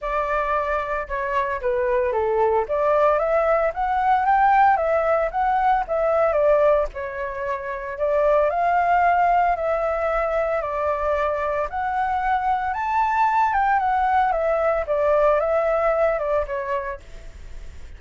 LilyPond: \new Staff \with { instrumentName = "flute" } { \time 4/4 \tempo 4 = 113 d''2 cis''4 b'4 | a'4 d''4 e''4 fis''4 | g''4 e''4 fis''4 e''4 | d''4 cis''2 d''4 |
f''2 e''2 | d''2 fis''2 | a''4. g''8 fis''4 e''4 | d''4 e''4. d''8 cis''4 | }